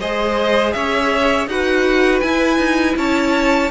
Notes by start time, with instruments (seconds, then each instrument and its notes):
0.00 cello G#3, viola G#4, violin C5 D#5
0.73 cello C#4, violin C#5 E5
1.47 cello D#4, viola F#4, violin B4 F#5
2.20 viola E4, cello E4, violin G#5
2.58 cello D#4
2.96 cello C#4, violin C#5 A5